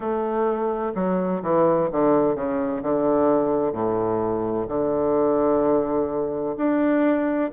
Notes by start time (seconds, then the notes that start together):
0.00 A3
0.95 F#3
1.42 E3
1.91 D3
2.35 C#3
2.82 D3
3.72 A2
4.67 D3
6.57 D4